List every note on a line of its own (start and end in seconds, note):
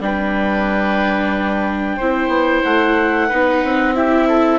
0.00 1.98 G3
0.00 2.00 D4
0.00 1.97 B4
0.00 2.64 G5
1.97 2.28 C4
1.97 3.30 E4
1.97 3.28 C5
2.28 2.61 B3
2.64 3.31 A3
2.64 3.96 F#5
3.28 3.64 B3
3.28 3.95 D#4
3.28 3.94 B4
3.64 4.59 C4
3.95 4.59 E4
3.95 4.28 G4
3.95 4.59 E5
4.28 4.59 A4